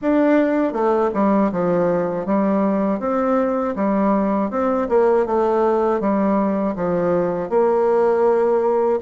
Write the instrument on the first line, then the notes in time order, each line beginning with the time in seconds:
bassoon
0.01 D4
0.73 A3
1.14 G3
1.52 F3
2.26 G3
2.99 C4
3.75 G3
4.50 C4
4.89 A#3
5.26 A3
6.00 G3
6.75 F3
7.49 A#3